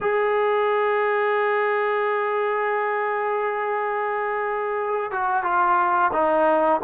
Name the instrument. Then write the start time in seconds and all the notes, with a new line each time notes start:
trombone
0.01 G#4
5.11 F#4
5.43 F4
6.12 D#4